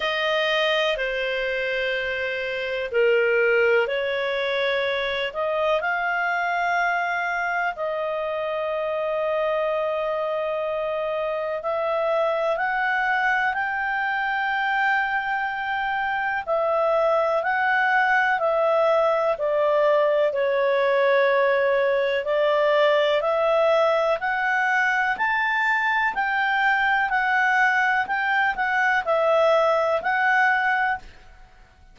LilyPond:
\new Staff \with { instrumentName = "clarinet" } { \time 4/4 \tempo 4 = 62 dis''4 c''2 ais'4 | cis''4. dis''8 f''2 | dis''1 | e''4 fis''4 g''2~ |
g''4 e''4 fis''4 e''4 | d''4 cis''2 d''4 | e''4 fis''4 a''4 g''4 | fis''4 g''8 fis''8 e''4 fis''4 | }